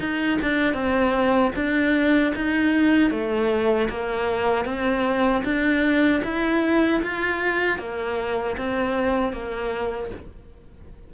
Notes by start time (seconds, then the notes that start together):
0.00 D#4
0.42 D4
0.74 C4
1.56 D4
2.36 D#4
3.11 A3
3.90 A#3
4.65 C4
5.44 D4
6.24 E4
7.03 F4
7.79 A#3
8.57 C4
9.33 A#3